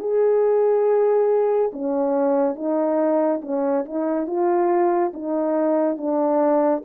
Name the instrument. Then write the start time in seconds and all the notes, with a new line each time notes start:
horn
0.00 G#4
1.73 C#4
2.55 D#4
3.42 C#4
3.85 D#4
4.27 F4
5.14 D#4
5.97 D4